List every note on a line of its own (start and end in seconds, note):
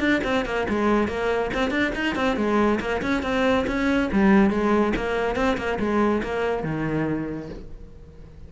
0.00 0.21 D4
0.24 0.45 C4
0.46 0.67 A#3
0.69 1.08 G#3
1.08 1.51 A#3
1.54 1.71 C4
1.71 1.92 D4
1.95 2.15 D#4
2.15 2.37 C4
2.37 2.80 G#3
2.80 3.02 A#3
3.02 3.23 C#4
3.23 3.66 C4
3.67 4.10 C#4
4.12 4.50 G3
4.50 4.93 G#3
4.96 5.36 A#3
5.36 5.57 C4
5.57 5.79 A#3
5.80 6.22 G#3
6.23 6.64 A#3
6.64 7.49 D#3